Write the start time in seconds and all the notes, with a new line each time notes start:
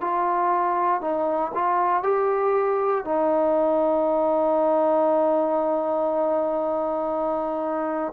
0.00 F4
1.01 D#4
1.54 F4
2.03 G4
3.05 D#4